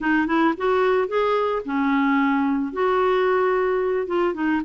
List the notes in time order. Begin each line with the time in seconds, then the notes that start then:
0.00 D#4
0.26 E4
0.57 F#4
1.08 G#4
1.65 C#4
2.72 F#4
4.06 F4
4.34 D#4